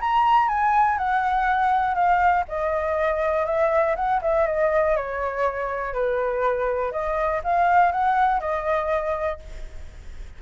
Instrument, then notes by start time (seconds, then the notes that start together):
flute
0.00 A#5
0.48 G#5
0.98 F#5
1.95 F5
2.48 D#5
3.46 E5
3.96 F#5
4.22 E5
4.47 D#5
4.96 C#5
5.93 B4
6.92 D#5
7.44 F5
7.92 F#5
8.40 D#5